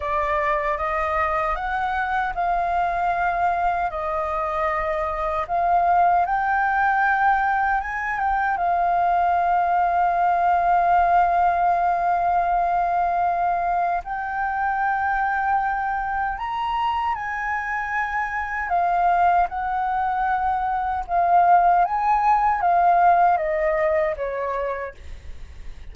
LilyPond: \new Staff \with { instrumentName = "flute" } { \time 4/4 \tempo 4 = 77 d''4 dis''4 fis''4 f''4~ | f''4 dis''2 f''4 | g''2 gis''8 g''8 f''4~ | f''1~ |
f''2 g''2~ | g''4 ais''4 gis''2 | f''4 fis''2 f''4 | gis''4 f''4 dis''4 cis''4 | }